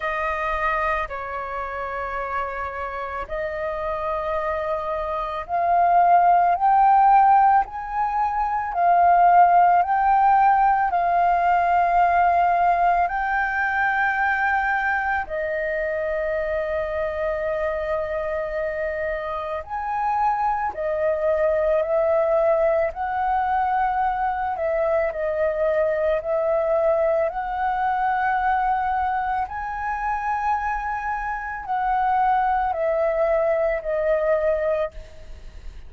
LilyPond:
\new Staff \with { instrumentName = "flute" } { \time 4/4 \tempo 4 = 55 dis''4 cis''2 dis''4~ | dis''4 f''4 g''4 gis''4 | f''4 g''4 f''2 | g''2 dis''2~ |
dis''2 gis''4 dis''4 | e''4 fis''4. e''8 dis''4 | e''4 fis''2 gis''4~ | gis''4 fis''4 e''4 dis''4 | }